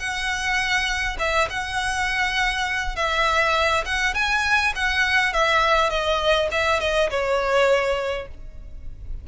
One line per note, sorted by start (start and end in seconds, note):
0.00 1.18 F#5
1.19 1.49 E5
1.50 2.97 F#5
2.97 3.85 E5
3.86 4.15 F#5
4.15 4.74 G#5
4.76 5.34 F#5
5.34 5.90 E5
5.90 6.49 D#5
6.52 6.81 E5
6.81 7.10 D#5
7.11 8.28 C#5